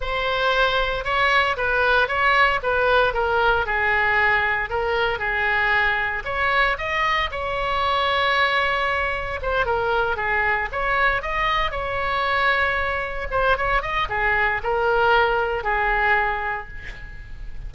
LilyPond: \new Staff \with { instrumentName = "oboe" } { \time 4/4 \tempo 4 = 115 c''2 cis''4 b'4 | cis''4 b'4 ais'4 gis'4~ | gis'4 ais'4 gis'2 | cis''4 dis''4 cis''2~ |
cis''2 c''8 ais'4 gis'8~ | gis'8 cis''4 dis''4 cis''4.~ | cis''4. c''8 cis''8 dis''8 gis'4 | ais'2 gis'2 | }